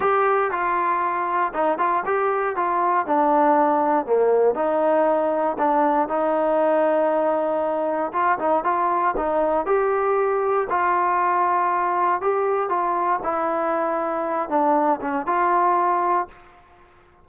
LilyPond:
\new Staff \with { instrumentName = "trombone" } { \time 4/4 \tempo 4 = 118 g'4 f'2 dis'8 f'8 | g'4 f'4 d'2 | ais4 dis'2 d'4 | dis'1 |
f'8 dis'8 f'4 dis'4 g'4~ | g'4 f'2. | g'4 f'4 e'2~ | e'8 d'4 cis'8 f'2 | }